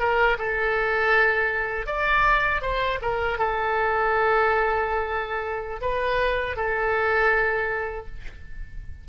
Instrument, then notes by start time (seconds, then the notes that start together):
oboe
0.00 A#4
0.39 A4
1.87 D5
2.62 C5
3.02 A#4
3.39 A4
5.82 B4
6.57 A4